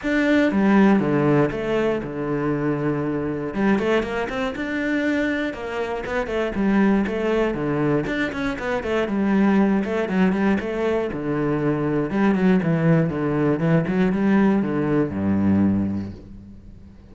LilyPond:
\new Staff \with { instrumentName = "cello" } { \time 4/4 \tempo 4 = 119 d'4 g4 d4 a4 | d2. g8 a8 | ais8 c'8 d'2 ais4 | b8 a8 g4 a4 d4 |
d'8 cis'8 b8 a8 g4. a8 | fis8 g8 a4 d2 | g8 fis8 e4 d4 e8 fis8 | g4 d4 g,2 | }